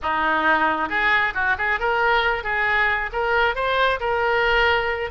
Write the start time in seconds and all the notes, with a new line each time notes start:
0.02 D#4
0.89 G#4
1.34 F#4
1.58 G#4
1.79 A#4
2.43 G#4
3.12 A#4
3.55 C5
3.99 A#4